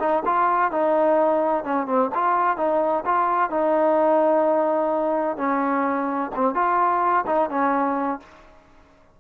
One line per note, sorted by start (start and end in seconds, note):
0.00 0.23 D#4
0.26 0.72 F4
0.72 1.65 D#4
1.65 1.87 C#4
1.87 2.10 C4
2.15 2.57 F4
2.57 3.04 D#4
3.06 3.50 F4
3.50 5.37 D#4
5.37 6.31 C#4
6.36 6.55 C4
6.55 7.25 F4
7.27 7.50 D#4
7.50 8.20 C#4